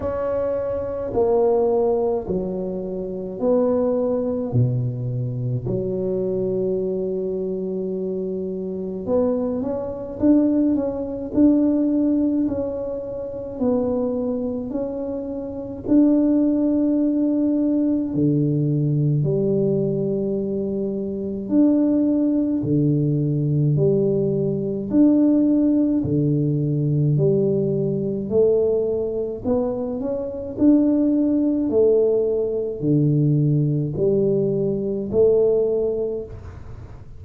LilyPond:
\new Staff \with { instrumentName = "tuba" } { \time 4/4 \tempo 4 = 53 cis'4 ais4 fis4 b4 | b,4 fis2. | b8 cis'8 d'8 cis'8 d'4 cis'4 | b4 cis'4 d'2 |
d4 g2 d'4 | d4 g4 d'4 d4 | g4 a4 b8 cis'8 d'4 | a4 d4 g4 a4 | }